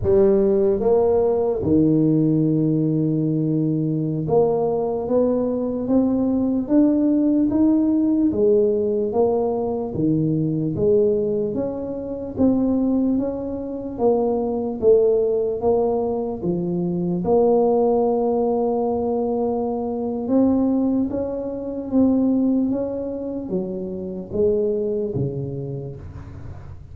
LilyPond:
\new Staff \with { instrumentName = "tuba" } { \time 4/4 \tempo 4 = 74 g4 ais4 dis2~ | dis4~ dis16 ais4 b4 c'8.~ | c'16 d'4 dis'4 gis4 ais8.~ | ais16 dis4 gis4 cis'4 c'8.~ |
c'16 cis'4 ais4 a4 ais8.~ | ais16 f4 ais2~ ais8.~ | ais4 c'4 cis'4 c'4 | cis'4 fis4 gis4 cis4 | }